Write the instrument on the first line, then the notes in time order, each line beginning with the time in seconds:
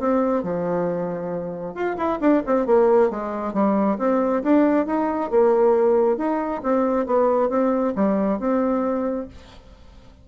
bassoon
0.00 C4
0.43 F3
1.75 F4
1.98 E4
2.21 D4
2.47 C4
2.67 A#3
3.11 G#3
3.54 G3
3.99 C4
4.43 D4
4.87 D#4
5.31 A#3
6.18 D#4
6.63 C4
7.07 B3
7.50 C4
7.96 G3
8.40 C4